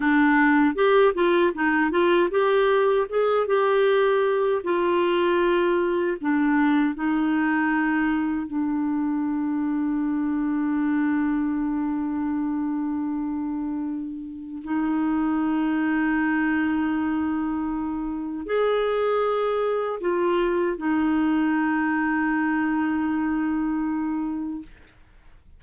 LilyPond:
\new Staff \with { instrumentName = "clarinet" } { \time 4/4 \tempo 4 = 78 d'4 g'8 f'8 dis'8 f'8 g'4 | gis'8 g'4. f'2 | d'4 dis'2 d'4~ | d'1~ |
d'2. dis'4~ | dis'1 | gis'2 f'4 dis'4~ | dis'1 | }